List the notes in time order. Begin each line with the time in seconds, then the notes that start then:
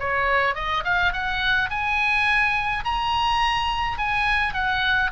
0.00 C#5
0.55 D#5
0.85 F5
1.13 F#5
1.70 G#5
2.85 A#5
3.98 G#5
4.54 F#5